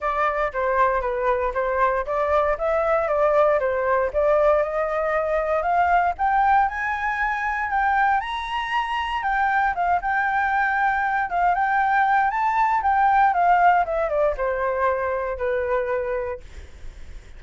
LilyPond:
\new Staff \with { instrumentName = "flute" } { \time 4/4 \tempo 4 = 117 d''4 c''4 b'4 c''4 | d''4 e''4 d''4 c''4 | d''4 dis''2 f''4 | g''4 gis''2 g''4 |
ais''2 g''4 f''8 g''8~ | g''2 f''8 g''4. | a''4 g''4 f''4 e''8 d''8 | c''2 b'2 | }